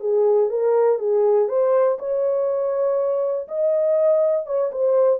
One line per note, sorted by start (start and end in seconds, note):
0.00 0.49 G#4
0.49 0.99 A#4
0.99 1.49 G#4
1.49 1.98 C5
1.99 3.48 C#5
3.48 4.46 D#5
4.46 4.71 C#5
4.72 5.20 C5